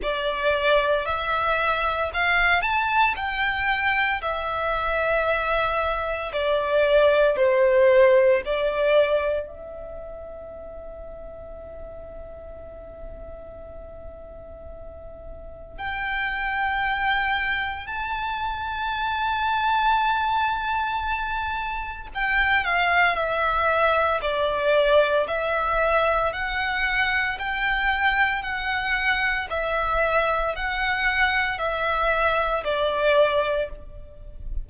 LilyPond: \new Staff \with { instrumentName = "violin" } { \time 4/4 \tempo 4 = 57 d''4 e''4 f''8 a''8 g''4 | e''2 d''4 c''4 | d''4 e''2.~ | e''2. g''4~ |
g''4 a''2.~ | a''4 g''8 f''8 e''4 d''4 | e''4 fis''4 g''4 fis''4 | e''4 fis''4 e''4 d''4 | }